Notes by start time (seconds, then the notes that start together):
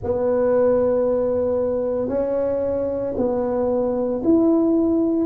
0.03 B3
2.08 C#4
3.16 B3
4.23 E4